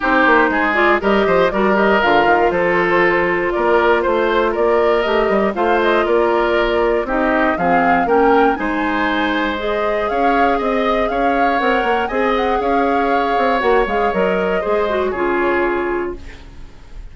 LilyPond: <<
  \new Staff \with { instrumentName = "flute" } { \time 4/4 \tempo 4 = 119 c''4. d''8 dis''4 d''8 dis''8 | f''4 c''2 d''4 | c''4 d''4 dis''4 f''8 dis''8 | d''2 dis''4 f''4 |
g''4 gis''2 dis''4 | f''4 dis''4 f''4 fis''4 | gis''8 fis''8 f''2 fis''8 f''8 | dis''2 cis''2 | }
  \new Staff \with { instrumentName = "oboe" } { \time 4/4 g'4 gis'4 ais'8 c''8 ais'4~ | ais'4 a'2 ais'4 | c''4 ais'2 c''4 | ais'2 g'4 gis'4 |
ais'4 c''2. | cis''4 dis''4 cis''2 | dis''4 cis''2.~ | cis''4 c''4 gis'2 | }
  \new Staff \with { instrumentName = "clarinet" } { \time 4/4 dis'4. f'8 g'4 fis'8 g'8 | f'1~ | f'2 g'4 f'4~ | f'2 dis'4 c'4 |
cis'4 dis'2 gis'4~ | gis'2. ais'4 | gis'2. fis'8 gis'8 | ais'4 gis'8 fis'8 f'2 | }
  \new Staff \with { instrumentName = "bassoon" } { \time 4/4 c'8 ais8 gis4 g8 f8 g4 | d8 dis8 f2 ais4 | a4 ais4 a8 g8 a4 | ais2 c'4 f4 |
ais4 gis2. | cis'4 c'4 cis'4 c'8 ais8 | c'4 cis'4. c'8 ais8 gis8 | fis4 gis4 cis2 | }
>>